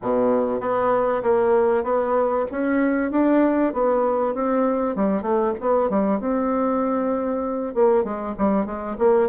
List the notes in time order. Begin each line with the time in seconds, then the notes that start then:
0.01 B2
0.60 B3
1.22 A#3
1.83 B3
2.51 C#4
3.11 D4
3.73 B3
4.34 C4
4.95 G3
5.22 A3
5.60 B3
5.89 G3
6.19 C4
7.74 A#3
8.04 G#3
8.38 G3
8.65 G#3
8.98 A#3